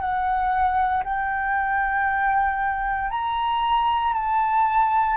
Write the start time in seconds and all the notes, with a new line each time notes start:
0.00 F#5
1.04 G5
3.10 A#5
4.13 A5